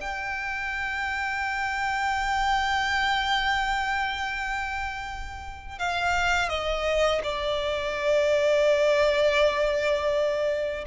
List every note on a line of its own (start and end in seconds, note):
0.00 5.78 G5
5.78 6.49 F5
6.49 7.21 D#5
7.23 10.84 D5